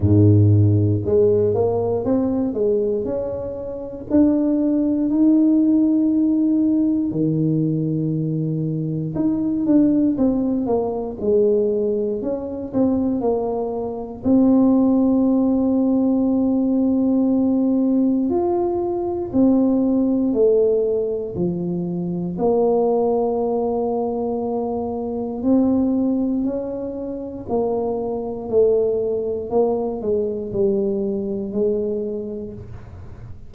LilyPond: \new Staff \with { instrumentName = "tuba" } { \time 4/4 \tempo 4 = 59 gis,4 gis8 ais8 c'8 gis8 cis'4 | d'4 dis'2 dis4~ | dis4 dis'8 d'8 c'8 ais8 gis4 | cis'8 c'8 ais4 c'2~ |
c'2 f'4 c'4 | a4 f4 ais2~ | ais4 c'4 cis'4 ais4 | a4 ais8 gis8 g4 gis4 | }